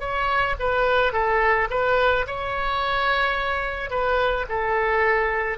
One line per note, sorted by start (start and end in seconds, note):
0.00 0.56 C#5
0.60 1.13 B4
1.13 1.68 A4
1.70 2.26 B4
2.27 3.90 C#5
3.90 4.46 B4
4.49 5.59 A4